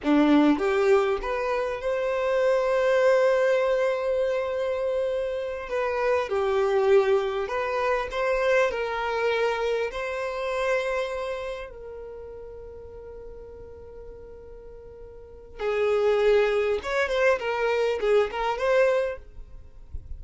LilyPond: \new Staff \with { instrumentName = "violin" } { \time 4/4 \tempo 4 = 100 d'4 g'4 b'4 c''4~ | c''1~ | c''4. b'4 g'4.~ | g'8 b'4 c''4 ais'4.~ |
ais'8 c''2. ais'8~ | ais'1~ | ais'2 gis'2 | cis''8 c''8 ais'4 gis'8 ais'8 c''4 | }